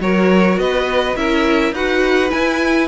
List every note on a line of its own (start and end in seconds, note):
0.00 0.58 F#3
0.00 1.16 F#4
0.00 0.61 A#4
0.00 0.59 C#5
0.58 1.15 B3
0.58 1.18 B4
0.58 1.16 D#5
1.16 1.72 C#4
1.16 1.73 E4
1.16 1.74 A#4
1.16 1.74 E5
1.72 2.30 D#4
1.72 2.30 F#4
1.72 2.88 B4
1.72 2.31 F#5
2.30 2.87 E4
2.30 2.88 E4
2.30 2.88 G#5